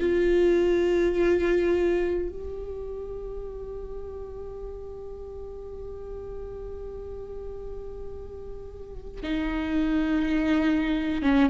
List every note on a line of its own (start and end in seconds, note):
0.00 2.29 F4
2.29 9.22 G4
9.23 11.22 D#4
11.22 11.50 C#4